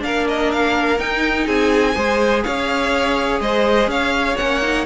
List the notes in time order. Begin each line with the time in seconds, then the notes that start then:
0.00 A#3 D4 A#4 F5
0.28 D#5
0.52 F5
0.99 D#4 G5
1.46 C4 G#4 G#5
1.95 G#3 G#4 C5
2.43 C#4 C#5 F5
3.40 G#3 C5 D#5
3.87 C#4 C#5 F5
4.37 A#3 C#4 F#5
4.62 D#4